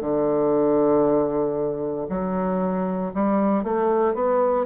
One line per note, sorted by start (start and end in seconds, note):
0.00 2.07 D3
2.09 3.12 F#3
3.14 3.63 G3
3.63 4.14 A3
4.14 4.65 B3